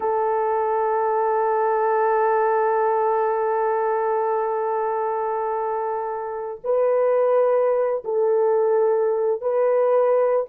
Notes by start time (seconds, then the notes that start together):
0.00 A4
6.63 B4
8.04 A4
9.41 B4